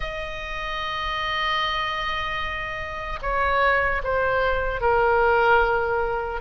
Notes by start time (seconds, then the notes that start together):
0.00 D#5
3.22 C#5
4.03 C5
4.80 A#4